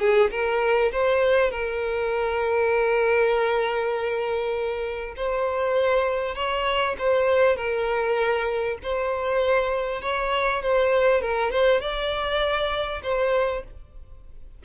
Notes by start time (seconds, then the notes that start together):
0.00 G#4
0.31 A#4
0.92 C5
1.51 A#4
5.17 C5
6.35 C#5
6.98 C5
7.57 A#4
8.83 C5
10.02 C#5
10.63 C5
11.21 A#4
11.51 C5
11.81 D5
13.03 C5